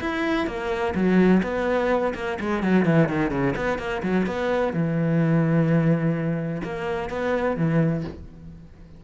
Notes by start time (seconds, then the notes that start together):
0.00 E4
0.46 A#3
0.94 F#3
1.42 B3
2.14 A#3
2.40 G#3
2.62 F#3
2.85 E3
3.08 D#3
3.30 C#3
3.56 B3
3.78 A#3
4.02 F#3
4.26 B3
4.73 E3
6.63 A#3
7.09 B3
7.56 E3